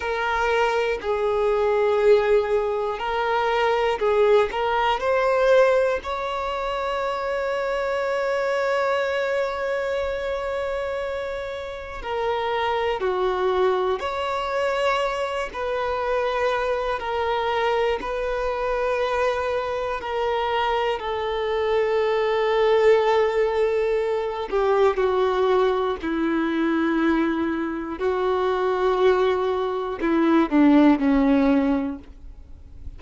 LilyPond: \new Staff \with { instrumentName = "violin" } { \time 4/4 \tempo 4 = 60 ais'4 gis'2 ais'4 | gis'8 ais'8 c''4 cis''2~ | cis''1 | ais'4 fis'4 cis''4. b'8~ |
b'4 ais'4 b'2 | ais'4 a'2.~ | a'8 g'8 fis'4 e'2 | fis'2 e'8 d'8 cis'4 | }